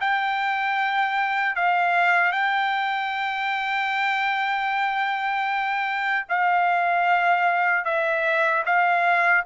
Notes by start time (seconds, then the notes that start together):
0.00 G5
1.56 F5
2.32 G5
6.29 F5
7.85 E5
8.65 F5